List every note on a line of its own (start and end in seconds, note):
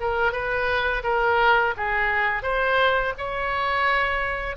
0.00 0.32 A#4
0.32 1.03 B4
1.03 1.74 A#4
1.77 2.43 G#4
2.43 3.13 C5
3.18 4.56 C#5